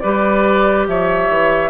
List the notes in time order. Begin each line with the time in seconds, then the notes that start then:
0.00 G3 G4 B4 D5
0.88 F3 C#5 E5
1.29 E3